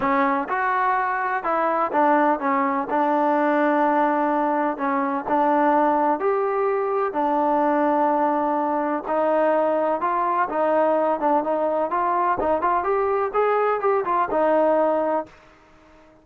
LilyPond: \new Staff \with { instrumentName = "trombone" } { \time 4/4 \tempo 4 = 126 cis'4 fis'2 e'4 | d'4 cis'4 d'2~ | d'2 cis'4 d'4~ | d'4 g'2 d'4~ |
d'2. dis'4~ | dis'4 f'4 dis'4. d'8 | dis'4 f'4 dis'8 f'8 g'4 | gis'4 g'8 f'8 dis'2 | }